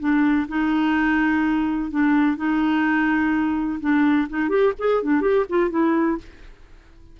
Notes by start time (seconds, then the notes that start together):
0.00 D4
0.49 D#4
1.91 D4
2.37 D#4
3.81 D4
4.29 D#4
4.49 G4
4.79 G#4
5.03 D4
5.21 G4
5.49 F4
5.70 E4